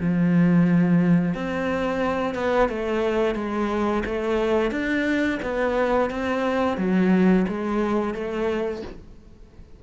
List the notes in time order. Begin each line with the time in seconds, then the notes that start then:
0.00 F3
1.35 C4
2.35 B3
2.69 A3
3.35 G#3
4.06 A3
4.71 D4
5.42 B3
6.11 C4
6.78 F#3
7.48 G#3
8.14 A3